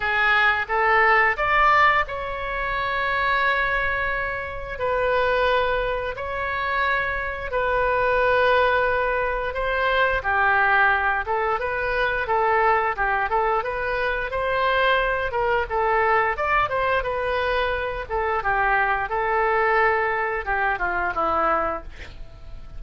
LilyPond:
\new Staff \with { instrumentName = "oboe" } { \time 4/4 \tempo 4 = 88 gis'4 a'4 d''4 cis''4~ | cis''2. b'4~ | b'4 cis''2 b'4~ | b'2 c''4 g'4~ |
g'8 a'8 b'4 a'4 g'8 a'8 | b'4 c''4. ais'8 a'4 | d''8 c''8 b'4. a'8 g'4 | a'2 g'8 f'8 e'4 | }